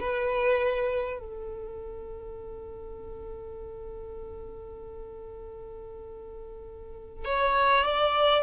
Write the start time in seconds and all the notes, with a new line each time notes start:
0.00 B4
1.19 A4
7.25 C#5
7.85 D5